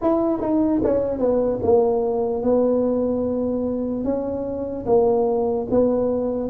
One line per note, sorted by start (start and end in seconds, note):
0.01 0.40 E4
0.40 0.81 D#4
0.83 1.19 C#4
1.19 1.59 B3
1.63 2.43 A#3
2.43 4.04 B3
4.04 4.85 C#4
4.86 5.67 A#3
5.70 6.49 B3